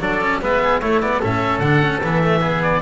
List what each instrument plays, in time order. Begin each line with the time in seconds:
0.00 double bass F#3, cello D4, oboe A4 D5
0.21 cello C#4
0.42 double bass G#3, cello B3, oboe B4 E5
0.63 oboe G#4
0.80 double bass A3, cello A3, oboe E4 C#5
1.01 cello B3, oboe D5
1.20 double bass A2, cello C#4, oboe A4 E5
1.59 double bass D3, cello D4, oboe F#5
1.82 cello C#4
2.04 double bass E3, cello B3, oboe E5
2.23 cello A3
2.40 cello B3, oboe G#4
2.63 oboe D5